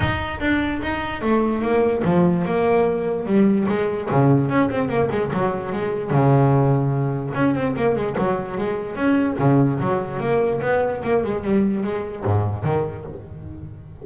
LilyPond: \new Staff \with { instrumentName = "double bass" } { \time 4/4 \tempo 4 = 147 dis'4 d'4 dis'4 a4 | ais4 f4 ais2 | g4 gis4 cis4 cis'8 c'8 | ais8 gis8 fis4 gis4 cis4~ |
cis2 cis'8 c'8 ais8 gis8 | fis4 gis4 cis'4 cis4 | fis4 ais4 b4 ais8 gis8 | g4 gis4 gis,4 dis4 | }